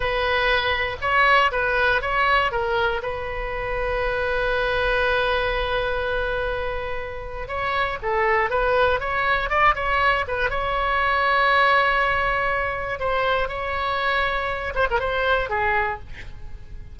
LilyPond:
\new Staff \with { instrumentName = "oboe" } { \time 4/4 \tempo 4 = 120 b'2 cis''4 b'4 | cis''4 ais'4 b'2~ | b'1~ | b'2. cis''4 |
a'4 b'4 cis''4 d''8 cis''8~ | cis''8 b'8 cis''2.~ | cis''2 c''4 cis''4~ | cis''4. c''16 ais'16 c''4 gis'4 | }